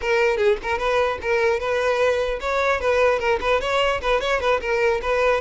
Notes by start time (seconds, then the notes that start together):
0.01 A#4
0.37 G#4
0.63 A#4
0.78 B4
1.21 A#4
1.59 B4
2.40 C#5
2.80 B4
3.19 A#4
3.41 B4
3.61 C#5
4.01 B4
4.20 C#5
4.40 B4
4.61 A#4
5.02 B4